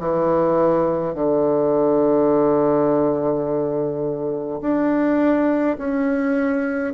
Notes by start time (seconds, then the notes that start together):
0.00 E3
1.14 D3
4.62 D4
5.78 C#4